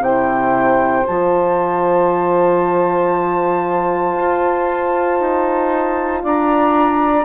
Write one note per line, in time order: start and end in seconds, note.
0.00 1.03 C3
0.00 1.05 E4
0.00 6.22 C5
0.00 1.06 G5
1.06 4.15 F3
1.06 7.24 F4
1.06 6.23 A5
4.15 5.19 F4
5.19 6.23 D#4
6.22 7.24 D4
6.22 7.24 D5
6.22 7.24 A#5